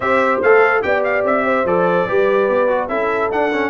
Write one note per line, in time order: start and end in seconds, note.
0.00 0.41 C4
0.00 0.42 G4
0.00 0.84 C5
0.00 0.40 E5
0.42 0.83 A3
0.42 0.82 A4
0.42 0.82 F5
0.82 1.24 B3
0.82 1.65 G4
0.82 1.45 D5
0.82 1.02 G5
1.04 1.24 F5
1.24 1.64 C4
1.24 1.67 E5
1.45 2.07 C5
1.64 2.05 F3
1.64 2.07 A4
1.64 2.88 D5
2.07 2.49 G3
2.07 2.68 G4
2.07 2.89 B4
2.49 2.89 B3
2.68 2.88 F#4
2.88 3.30 C#4
2.88 3.30 E4
2.88 3.70 A4
2.88 3.29 E5
3.30 3.51 D4
3.30 3.70 D4
3.30 3.70 F#5
3.52 3.70 C#4